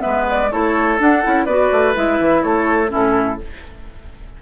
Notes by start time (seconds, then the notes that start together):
0.00 G#3 B3 B4 E5
0.30 D5
0.52 A3 E4 A4 C#5
0.99 D4 F#5
1.23 C#4 E4
1.46 B3 F#4 B4 D5
1.72 A3
1.95 G#3 E4 E5
2.20 E3
2.44 A3 A4 C#5
2.88 A2 C#4 E4 A4